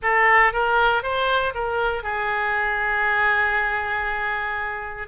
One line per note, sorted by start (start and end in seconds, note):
0.02 0.52 A4
0.52 1.02 A#4
1.02 1.53 C5
1.54 2.03 A#4
2.03 5.08 G#4